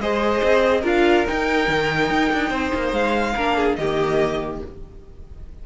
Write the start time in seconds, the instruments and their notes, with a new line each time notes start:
0.00 cello G#3, viola G#4, violin C5 D#5
0.43 cello C4
0.81 cello D4, viola F4, violin A#4 F5
1.26 viola D#4, cello D#4, violin G5
1.68 cello D#3
2.10 cello D#4
2.33 cello D4
2.50 cello C4, violin C5
2.75 cello A#3
2.93 cello G#3, violin F5
3.36 cello A#3, viola D4, violin A#4
3.57 violin G#4
3.76 cello D#3, violin G4 D#5
3.83 viola A#3